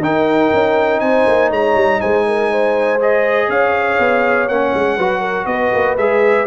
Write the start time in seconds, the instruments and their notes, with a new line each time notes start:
0.00 tuba D#4, trombone D#4, horn A#4, trumpet G5
0.53 tuba C#4
1.00 tuba C4, horn C5, trumpet G#5
1.26 tuba A#3
1.50 tuba G#3, horn C#5, trumpet A#5
1.74 tuba G3
2.00 tuba G#3, horn C5, trumpet G#5
2.27 horn A#4
2.51 horn C5
2.99 trombone G#4, trumpet D#5
3.48 tuba C#4, horn C#5, trumpet F5
3.99 tuba B3
4.48 tuba A#3, trombone C#4, trumpet F#5
4.74 tuba G#3
4.96 tuba F#3, trombone F#4, horn B4
5.20 horn A#4
5.46 tuba B3, horn B4, trumpet D#5
5.73 tuba A#3
5.97 tuba G#3, trombone G#4, trumpet E5